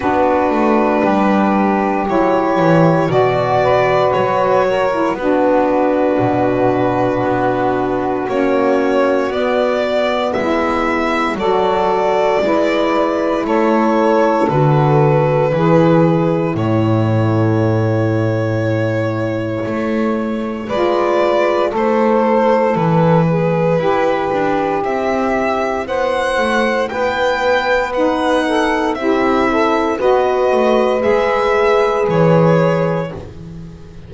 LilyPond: <<
  \new Staff \with { instrumentName = "violin" } { \time 4/4 \tempo 4 = 58 b'2 cis''4 d''4 | cis''4 b'2. | cis''4 d''4 e''4 d''4~ | d''4 cis''4 b'2 |
cis''1 | d''4 c''4 b'2 | e''4 fis''4 g''4 fis''4 | e''4 dis''4 e''4 cis''4 | }
  \new Staff \with { instrumentName = "saxophone" } { \time 4/4 fis'4 g'2 fis'8 b'8~ | b'8 ais'8 fis'2.~ | fis'2 e'4 a'4 | b'4 a'2 gis'4 |
a'1 | b'4 a'4. gis'8 g'4~ | g'4 c''4 b'4. a'8 | g'8 a'8 b'2. | }
  \new Staff \with { instrumentName = "saxophone" } { \time 4/4 d'2 e'4 fis'4~ | fis'8. e'16 d'2. | cis'4 b2 fis'4 | e'2 fis'4 e'4~ |
e'1 | f'4 e'2.~ | e'2. dis'4 | e'4 fis'4 gis'2 | }
  \new Staff \with { instrumentName = "double bass" } { \time 4/4 b8 a8 g4 fis8 e8 b,4 | fis4 b4 b,4 b4 | ais4 b4 gis4 fis4 | gis4 a4 d4 e4 |
a,2. a4 | gis4 a4 e4 e'8 d'8 | c'4 b8 a8 b2 | c'4 b8 a8 gis4 e4 | }
>>